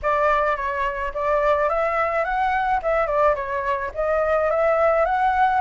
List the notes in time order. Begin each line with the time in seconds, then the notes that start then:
0.02 D5
0.56 C#5
1.14 D5
1.69 E5
2.24 F#5
2.82 E5
3.07 D5
3.35 C#5
3.94 D#5
4.50 E5
5.05 F#5